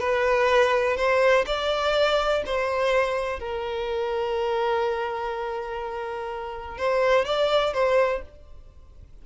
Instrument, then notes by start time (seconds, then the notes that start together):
violin
0.00 B4
0.97 C5
1.46 D5
2.46 C5
3.40 A#4
6.78 C5
7.25 D5
7.73 C5